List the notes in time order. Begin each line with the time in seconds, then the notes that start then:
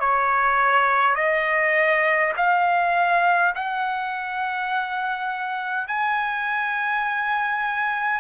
0.00 C#5
1.15 D#5
2.37 F5
3.55 F#5
5.88 G#5